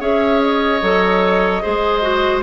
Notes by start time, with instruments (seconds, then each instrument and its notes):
0.00 bassoon C#4, clarinet G#4, oboe C#5, flute E5
0.41 flute D#5
0.81 bassoon F#3, clarinet A4
1.61 bassoon G#3, clarinet G#4, oboe C5
2.02 clarinet F#4